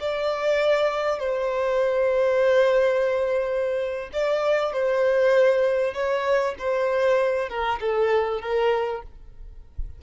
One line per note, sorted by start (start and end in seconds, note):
0.00 1.19 D5
1.19 4.10 C5
4.13 4.73 D5
4.73 5.94 C5
5.94 6.55 C#5
6.58 7.49 C5
7.49 7.79 A#4
7.80 8.41 A4
8.41 9.03 A#4